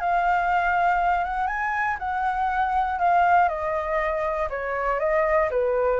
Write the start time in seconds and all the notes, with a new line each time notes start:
0.00 F5
1.24 F#5
1.47 G#5
1.99 F#5
2.99 F5
3.48 D#5
4.49 C#5
4.99 D#5
5.50 B4